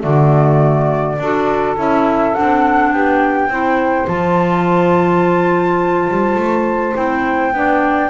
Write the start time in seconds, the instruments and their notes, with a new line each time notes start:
0.00 double bass D3, clarinet A3, saxophone F#4, flute D5
1.19 double bass D4, clarinet F#4, saxophone A4
1.77 double bass C#4, clarinet E4, flute E5
2.34 double bass C4, clarinet D4, flute F#5
2.91 double bass B3, saxophone G4, flute G5
3.48 double bass C4, clarinet E4, saxophone C5
4.07 double bass F3, clarinet F4, flute A5
6.09 double bass G3
6.35 double bass A3
6.94 double bass C4, clarinet E4, flute G5
7.53 double bass B3, clarinet D4, saxophone D5